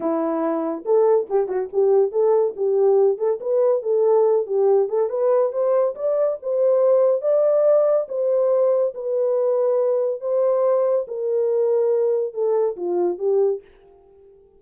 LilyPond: \new Staff \with { instrumentName = "horn" } { \time 4/4 \tempo 4 = 141 e'2 a'4 g'8 fis'8 | g'4 a'4 g'4. a'8 | b'4 a'4. g'4 a'8 | b'4 c''4 d''4 c''4~ |
c''4 d''2 c''4~ | c''4 b'2. | c''2 ais'2~ | ais'4 a'4 f'4 g'4 | }